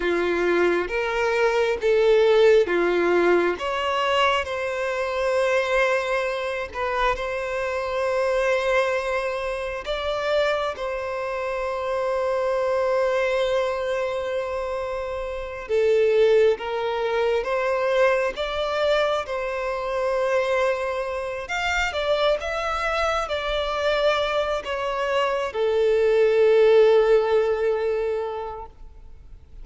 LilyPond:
\new Staff \with { instrumentName = "violin" } { \time 4/4 \tempo 4 = 67 f'4 ais'4 a'4 f'4 | cis''4 c''2~ c''8 b'8 | c''2. d''4 | c''1~ |
c''4. a'4 ais'4 c''8~ | c''8 d''4 c''2~ c''8 | f''8 d''8 e''4 d''4. cis''8~ | cis''8 a'2.~ a'8 | }